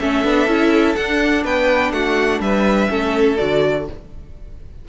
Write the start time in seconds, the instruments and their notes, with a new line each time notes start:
0.00 cello A3, viola C#4, violin A4 E5
0.24 cello B3, viola D4
0.47 cello C#4, viola E4
0.96 viola D4, cello D4, violin F#5
1.44 cello B3, violin B4 G5
1.92 cello A3, violin F#4 F#5
2.40 cello G3, violin B4 E5
2.90 cello A3, viola C#4, violin A4
3.37 cello D3, viola F#4, violin D5